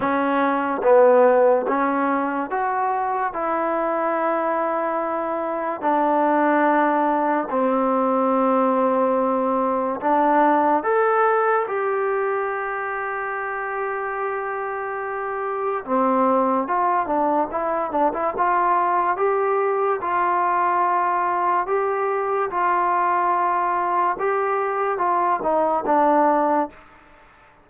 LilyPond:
\new Staff \with { instrumentName = "trombone" } { \time 4/4 \tempo 4 = 72 cis'4 b4 cis'4 fis'4 | e'2. d'4~ | d'4 c'2. | d'4 a'4 g'2~ |
g'2. c'4 | f'8 d'8 e'8 d'16 e'16 f'4 g'4 | f'2 g'4 f'4~ | f'4 g'4 f'8 dis'8 d'4 | }